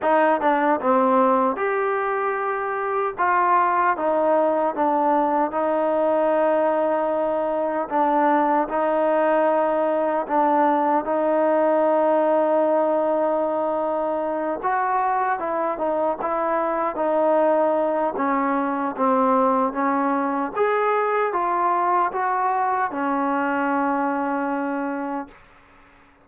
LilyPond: \new Staff \with { instrumentName = "trombone" } { \time 4/4 \tempo 4 = 76 dis'8 d'8 c'4 g'2 | f'4 dis'4 d'4 dis'4~ | dis'2 d'4 dis'4~ | dis'4 d'4 dis'2~ |
dis'2~ dis'8 fis'4 e'8 | dis'8 e'4 dis'4. cis'4 | c'4 cis'4 gis'4 f'4 | fis'4 cis'2. | }